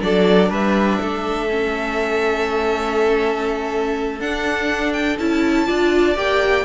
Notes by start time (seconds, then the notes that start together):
0.00 F#3 D4 A4 D5
0.49 G3 B4 E5
1.01 A3 A4
1.49 C#4
4.19 D4 F#5
4.93 G5
5.19 C#4 E4 A5
5.66 D4 F4 D5
6.16 A#3 G4 G5